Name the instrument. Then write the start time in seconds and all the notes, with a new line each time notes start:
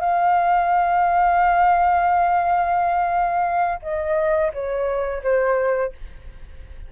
flute
0.00 F5
3.82 D#5
4.53 C#5
5.23 C5